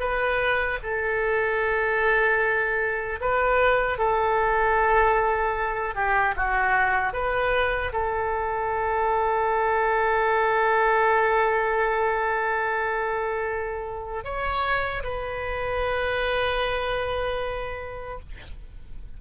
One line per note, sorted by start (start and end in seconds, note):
0.00 0.79 B4
0.83 3.20 A4
3.21 3.99 B4
3.99 5.95 A4
5.95 6.35 G4
6.37 7.13 F#4
7.13 7.92 B4
7.93 14.25 A4
14.25 15.04 C#5
15.04 18.20 B4